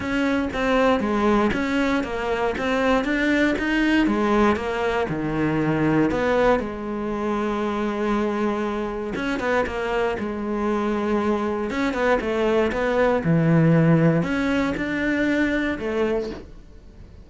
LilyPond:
\new Staff \with { instrumentName = "cello" } { \time 4/4 \tempo 4 = 118 cis'4 c'4 gis4 cis'4 | ais4 c'4 d'4 dis'4 | gis4 ais4 dis2 | b4 gis2.~ |
gis2 cis'8 b8 ais4 | gis2. cis'8 b8 | a4 b4 e2 | cis'4 d'2 a4 | }